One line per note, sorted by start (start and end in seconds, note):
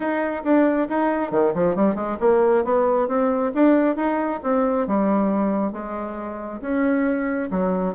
0.00 0.43 D#4
0.44 0.88 D4
0.89 1.31 D#4
1.31 1.53 D#3
1.54 1.75 F3
1.75 1.95 G3
1.95 2.17 G#3
2.20 2.64 A#3
2.64 3.08 B3
3.08 3.52 C4
3.54 3.95 D4
3.95 4.40 D#4
4.43 4.87 C4
4.87 5.72 G3
5.72 6.60 G#3
6.61 7.49 C#4
7.50 7.94 F#3